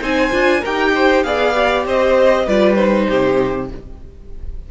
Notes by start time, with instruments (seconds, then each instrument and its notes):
0.00 cello C4, viola D#4, violin C5 G#5
0.31 cello D4, viola F4
0.61 cello D#4, viola G4, violin A#4 G5
0.94 violin C5
1.23 cello B3, viola G#4, violin D5 F5
1.55 viola G4
1.85 cello C4, violin C5 D#5
2.46 cello G3, viola F4, violin B4 D5
2.74 viola D#4, violin C5
3.08 cello C3, violin G4